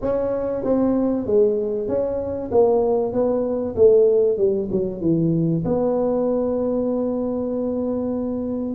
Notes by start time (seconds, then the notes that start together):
0.01 C#4
0.63 C4
1.26 G#3
1.88 C#4
2.51 A#3
3.12 B3
3.75 A3
4.37 G3
4.71 F#3
5.01 E3
5.64 B3